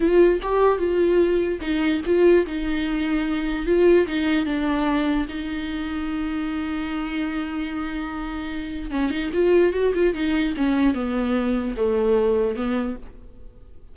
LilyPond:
\new Staff \with { instrumentName = "viola" } { \time 4/4 \tempo 4 = 148 f'4 g'4 f'2 | dis'4 f'4 dis'2~ | dis'4 f'4 dis'4 d'4~ | d'4 dis'2.~ |
dis'1~ | dis'2 cis'8 dis'8 f'4 | fis'8 f'8 dis'4 cis'4 b4~ | b4 a2 b4 | }